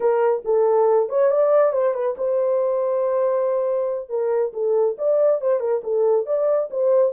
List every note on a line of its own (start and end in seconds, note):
0.00 0.43 A#4
0.44 1.09 A4
1.09 1.30 C#5
1.30 1.72 D5
1.72 1.94 C5
1.94 2.15 B4
2.17 4.09 C5
4.09 4.52 A#4
4.53 4.96 A4
4.98 5.41 D5
5.41 5.60 C5
5.60 5.81 A#4
5.83 6.26 A4
6.26 6.69 D5
6.70 7.12 C5